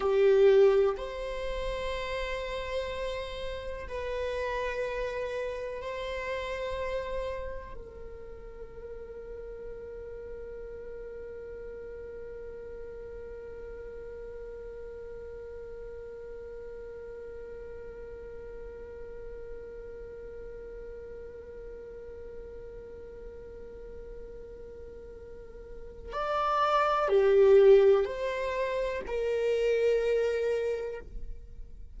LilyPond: \new Staff \with { instrumentName = "viola" } { \time 4/4 \tempo 4 = 62 g'4 c''2. | b'2 c''2 | ais'1~ | ais'1~ |
ais'1~ | ais'1~ | ais'2. d''4 | g'4 c''4 ais'2 | }